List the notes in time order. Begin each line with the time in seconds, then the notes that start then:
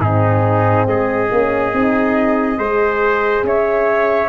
0.00 G#2 C4 D#4 G#4
0.86 G#3 G#4 D#5
1.31 A#3 C#4
1.72 C4 D#4
2.56 G#3 G#4 C5
3.43 C#4 C#5 E5